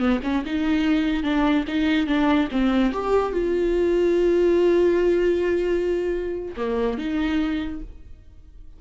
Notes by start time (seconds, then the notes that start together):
0.00 B3
0.24 C#4
0.46 D#4
1.24 D4
1.68 D#4
2.07 D4
2.52 C4
2.93 G4
3.33 F4
6.57 A#3
6.98 D#4